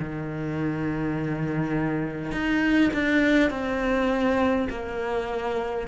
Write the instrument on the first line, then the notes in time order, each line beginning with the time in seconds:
cello
0.00 D#3
2.33 D#4
2.94 D4
3.51 C4
4.70 A#3